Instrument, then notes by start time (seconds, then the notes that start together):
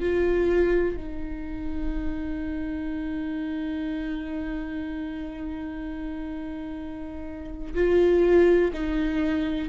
viola
0.00 F4
0.96 D#4
7.75 F4
8.73 D#4